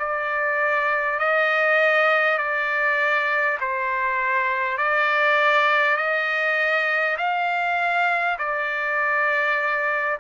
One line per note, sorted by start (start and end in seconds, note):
0.00 1.19 D5
1.19 2.39 D#5
2.39 3.59 D5
3.61 4.78 C5
4.78 5.97 D5
5.97 7.17 D#5
7.18 8.38 F5
8.39 10.19 D5